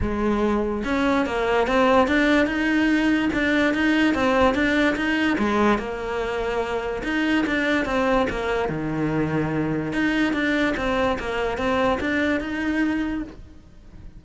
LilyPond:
\new Staff \with { instrumentName = "cello" } { \time 4/4 \tempo 4 = 145 gis2 cis'4 ais4 | c'4 d'4 dis'2 | d'4 dis'4 c'4 d'4 | dis'4 gis4 ais2~ |
ais4 dis'4 d'4 c'4 | ais4 dis2. | dis'4 d'4 c'4 ais4 | c'4 d'4 dis'2 | }